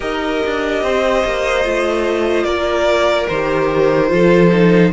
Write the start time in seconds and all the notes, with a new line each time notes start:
0.00 D#4 G4 A#4 D#5
0.46 D4
0.82 C4 C5
1.24 A#3
1.63 A3 F4
2.44 A#3 A#4 D5
3.28 D#3 G4 C5
4.08 F3 F4 A4
4.52 D#4